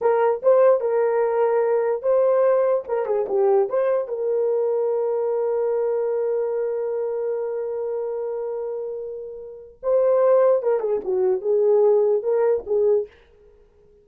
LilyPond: \new Staff \with { instrumentName = "horn" } { \time 4/4 \tempo 4 = 147 ais'4 c''4 ais'2~ | ais'4 c''2 ais'8 gis'8 | g'4 c''4 ais'2~ | ais'1~ |
ais'1~ | ais'1 | c''2 ais'8 gis'8 fis'4 | gis'2 ais'4 gis'4 | }